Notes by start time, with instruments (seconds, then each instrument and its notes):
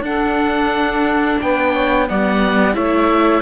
0.00 cello D4, viola D4, saxophone A4, oboe F#5
1.41 cello B3, saxophone B4, oboe G5
1.73 saxophone C#5
2.08 cello G3, viola B3, saxophone D5, oboe F#5
2.74 cello A3, viola E4, saxophone C#5, oboe E5